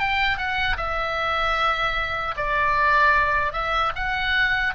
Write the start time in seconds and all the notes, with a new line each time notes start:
0.00 G5
0.38 F#5
0.78 E5
2.37 D5
3.53 E5
3.96 F#5